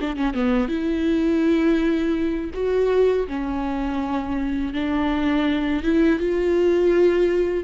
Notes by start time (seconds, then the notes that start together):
0.00 D4
0.16 C#4
0.34 B3
0.68 E4
2.54 F#4
3.27 C#4
4.73 D4
5.83 E4
6.19 F4